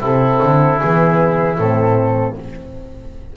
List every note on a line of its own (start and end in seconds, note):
0.00 0.40 C3
0.00 0.80 C4
0.00 2.34 E4
0.00 0.79 A4
0.43 0.82 D3
0.79 1.58 E3
0.79 1.57 B3
0.79 1.57 G#4
1.57 2.36 A2
1.57 2.35 C4
1.57 2.36 A4